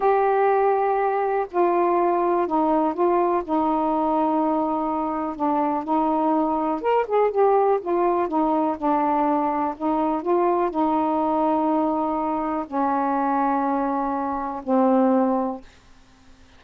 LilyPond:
\new Staff \with { instrumentName = "saxophone" } { \time 4/4 \tempo 4 = 123 g'2. f'4~ | f'4 dis'4 f'4 dis'4~ | dis'2. d'4 | dis'2 ais'8 gis'8 g'4 |
f'4 dis'4 d'2 | dis'4 f'4 dis'2~ | dis'2 cis'2~ | cis'2 c'2 | }